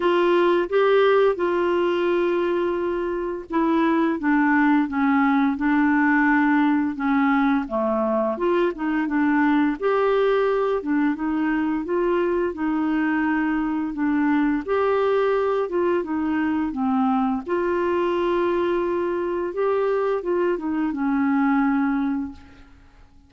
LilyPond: \new Staff \with { instrumentName = "clarinet" } { \time 4/4 \tempo 4 = 86 f'4 g'4 f'2~ | f'4 e'4 d'4 cis'4 | d'2 cis'4 a4 | f'8 dis'8 d'4 g'4. d'8 |
dis'4 f'4 dis'2 | d'4 g'4. f'8 dis'4 | c'4 f'2. | g'4 f'8 dis'8 cis'2 | }